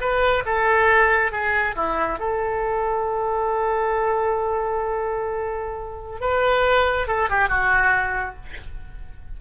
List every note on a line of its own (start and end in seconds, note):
0.00 0.43 B4
0.45 1.31 A4
1.31 1.75 G#4
1.75 2.19 E4
2.19 6.20 A4
6.20 7.07 B4
7.07 7.29 A4
7.29 7.49 G4
7.49 8.36 F#4